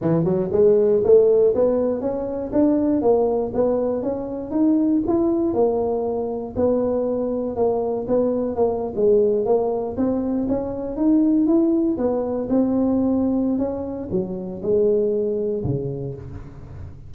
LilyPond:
\new Staff \with { instrumentName = "tuba" } { \time 4/4 \tempo 4 = 119 e8 fis8 gis4 a4 b4 | cis'4 d'4 ais4 b4 | cis'4 dis'4 e'4 ais4~ | ais4 b2 ais4 |
b4 ais8. gis4 ais4 c'16~ | c'8. cis'4 dis'4 e'4 b16~ | b8. c'2~ c'16 cis'4 | fis4 gis2 cis4 | }